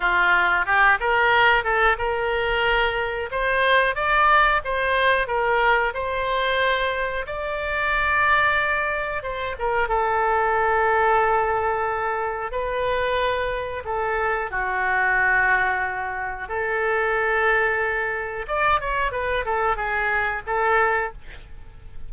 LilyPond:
\new Staff \with { instrumentName = "oboe" } { \time 4/4 \tempo 4 = 91 f'4 g'8 ais'4 a'8 ais'4~ | ais'4 c''4 d''4 c''4 | ais'4 c''2 d''4~ | d''2 c''8 ais'8 a'4~ |
a'2. b'4~ | b'4 a'4 fis'2~ | fis'4 a'2. | d''8 cis''8 b'8 a'8 gis'4 a'4 | }